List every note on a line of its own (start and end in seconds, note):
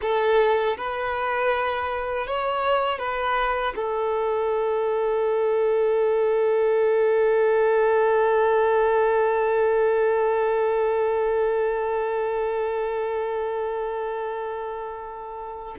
0.01 0.76 A4
0.77 2.26 B4
2.26 2.99 C#5
2.99 3.74 B4
3.75 15.75 A4